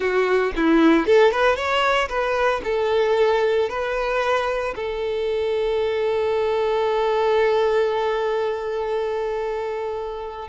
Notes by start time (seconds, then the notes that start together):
0.00 F#4
0.56 E4
1.06 A4
1.31 B4
1.56 C#5
2.08 B4
2.64 A4
3.69 B4
4.75 A4